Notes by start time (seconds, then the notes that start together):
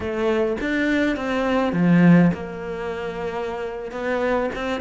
0.00 A3
0.60 D4
1.16 C4
1.72 F3
2.33 A#3
3.91 B3
4.55 C4